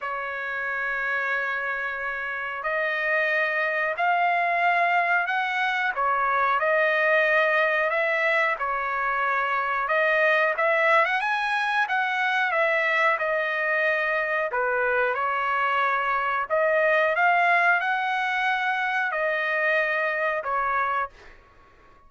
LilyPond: \new Staff \with { instrumentName = "trumpet" } { \time 4/4 \tempo 4 = 91 cis''1 | dis''2 f''2 | fis''4 cis''4 dis''2 | e''4 cis''2 dis''4 |
e''8. fis''16 gis''4 fis''4 e''4 | dis''2 b'4 cis''4~ | cis''4 dis''4 f''4 fis''4~ | fis''4 dis''2 cis''4 | }